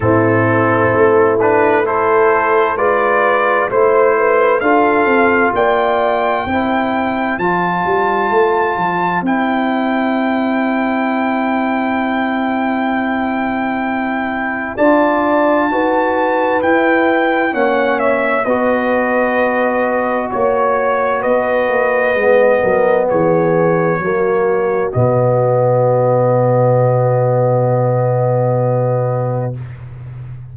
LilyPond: <<
  \new Staff \with { instrumentName = "trumpet" } { \time 4/4 \tempo 4 = 65 a'4. b'8 c''4 d''4 | c''4 f''4 g''2 | a''2 g''2~ | g''1 |
a''2 g''4 fis''8 e''8 | dis''2 cis''4 dis''4~ | dis''4 cis''2 dis''4~ | dis''1 | }
  \new Staff \with { instrumentName = "horn" } { \time 4/4 e'2 a'4 b'4 | c''8 b'8 a'4 d''4 c''4~ | c''1~ | c''1 |
d''4 b'2 cis''4 | b'2 cis''4 b'4~ | b'8 ais'8 gis'4 fis'2~ | fis'1 | }
  \new Staff \with { instrumentName = "trombone" } { \time 4/4 c'4. d'8 e'4 f'4 | e'4 f'2 e'4 | f'2 e'2~ | e'1 |
f'4 fis'4 e'4 cis'4 | fis'1 | b2 ais4 b4~ | b1 | }
  \new Staff \with { instrumentName = "tuba" } { \time 4/4 a,4 a2 gis4 | a4 d'8 c'8 ais4 c'4 | f8 g8 a8 f8 c'2~ | c'1 |
d'4 dis'4 e'4 ais4 | b2 ais4 b8 ais8 | gis8 fis8 e4 fis4 b,4~ | b,1 | }
>>